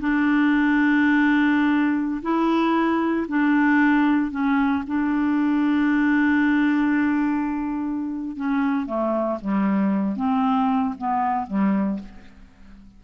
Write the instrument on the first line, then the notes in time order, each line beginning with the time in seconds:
clarinet
0.00 D4
2.23 E4
3.29 D4
4.32 C#4
4.87 D4
8.37 C#4
8.87 A3
9.42 G3
10.17 C4
10.98 B3
11.48 G3